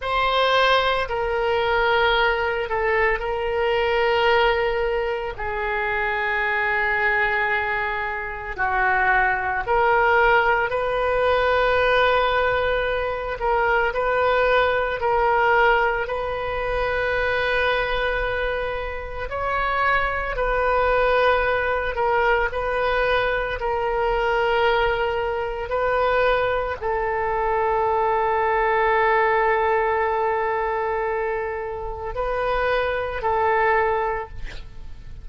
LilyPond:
\new Staff \with { instrumentName = "oboe" } { \time 4/4 \tempo 4 = 56 c''4 ais'4. a'8 ais'4~ | ais'4 gis'2. | fis'4 ais'4 b'2~ | b'8 ais'8 b'4 ais'4 b'4~ |
b'2 cis''4 b'4~ | b'8 ais'8 b'4 ais'2 | b'4 a'2.~ | a'2 b'4 a'4 | }